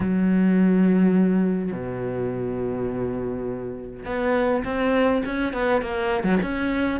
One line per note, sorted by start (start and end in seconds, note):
0.00 1.72 F#3
1.72 4.05 B2
4.05 4.63 B3
4.64 5.22 C4
5.25 5.53 C#4
5.53 5.81 B3
5.81 6.23 A#3
6.23 6.38 F#3
6.42 7.00 C#4